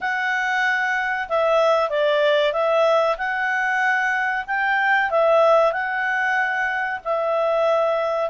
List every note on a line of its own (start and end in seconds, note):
0.00 1.28 F#5
1.29 1.89 E5
1.89 2.52 D5
2.52 3.16 E5
3.17 4.45 F#5
4.47 5.10 G5
5.10 5.72 E5
5.72 7.00 F#5
7.04 8.30 E5